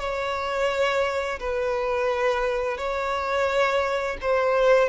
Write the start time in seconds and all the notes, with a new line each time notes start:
0.00 C#5
1.40 B4
2.78 C#5
4.21 C5